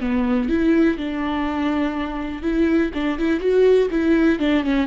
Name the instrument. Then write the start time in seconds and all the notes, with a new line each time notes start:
viola
0.00 B3
0.49 E4
0.98 D4
2.42 E4
2.94 D4
3.18 E4
3.40 F#4
3.91 E4
4.39 D4
4.63 C#4